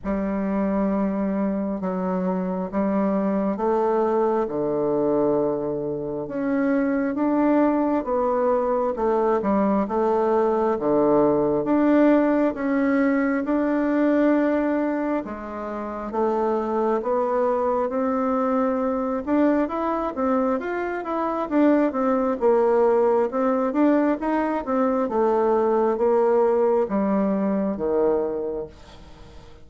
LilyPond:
\new Staff \with { instrumentName = "bassoon" } { \time 4/4 \tempo 4 = 67 g2 fis4 g4 | a4 d2 cis'4 | d'4 b4 a8 g8 a4 | d4 d'4 cis'4 d'4~ |
d'4 gis4 a4 b4 | c'4. d'8 e'8 c'8 f'8 e'8 | d'8 c'8 ais4 c'8 d'8 dis'8 c'8 | a4 ais4 g4 dis4 | }